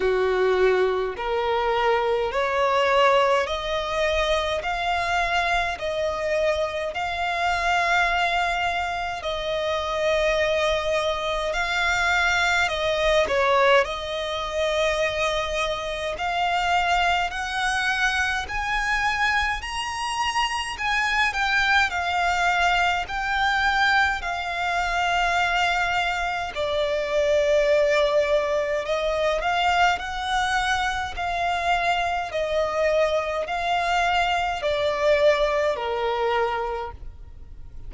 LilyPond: \new Staff \with { instrumentName = "violin" } { \time 4/4 \tempo 4 = 52 fis'4 ais'4 cis''4 dis''4 | f''4 dis''4 f''2 | dis''2 f''4 dis''8 cis''8 | dis''2 f''4 fis''4 |
gis''4 ais''4 gis''8 g''8 f''4 | g''4 f''2 d''4~ | d''4 dis''8 f''8 fis''4 f''4 | dis''4 f''4 d''4 ais'4 | }